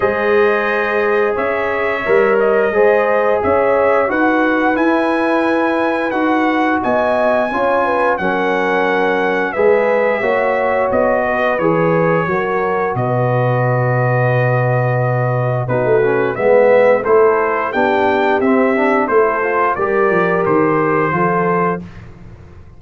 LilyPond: <<
  \new Staff \with { instrumentName = "trumpet" } { \time 4/4 \tempo 4 = 88 dis''2 e''4. dis''8~ | dis''4 e''4 fis''4 gis''4~ | gis''4 fis''4 gis''2 | fis''2 e''2 |
dis''4 cis''2 dis''4~ | dis''2. b'4 | e''4 c''4 g''4 e''4 | c''4 d''4 c''2 | }
  \new Staff \with { instrumentName = "horn" } { \time 4/4 c''2 cis''2 | c''4 cis''4 b'2~ | b'2 dis''4 cis''8 b'8 | ais'2 b'4 cis''4~ |
cis''8 b'4. ais'4 b'4~ | b'2. fis'4 | b'4 a'4 g'2 | a'4 ais'2 a'4 | }
  \new Staff \with { instrumentName = "trombone" } { \time 4/4 gis'2. ais'4 | gis'2 fis'4 e'4~ | e'4 fis'2 f'4 | cis'2 gis'4 fis'4~ |
fis'4 gis'4 fis'2~ | fis'2. dis'8 cis'8 | b4 e'4 d'4 c'8 d'8 | e'8 f'8 g'2 f'4 | }
  \new Staff \with { instrumentName = "tuba" } { \time 4/4 gis2 cis'4 g4 | gis4 cis'4 dis'4 e'4~ | e'4 dis'4 b4 cis'4 | fis2 gis4 ais4 |
b4 e4 fis4 b,4~ | b,2. b16 a8. | gis4 a4 b4 c'4 | a4 g8 f8 dis4 f4 | }
>>